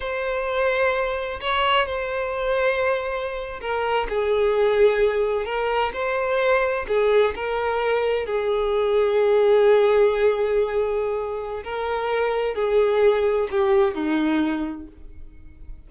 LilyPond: \new Staff \with { instrumentName = "violin" } { \time 4/4 \tempo 4 = 129 c''2. cis''4 | c''2.~ c''8. ais'16~ | ais'8. gis'2. ais'16~ | ais'8. c''2 gis'4 ais'16~ |
ais'4.~ ais'16 gis'2~ gis'16~ | gis'1~ | gis'4 ais'2 gis'4~ | gis'4 g'4 dis'2 | }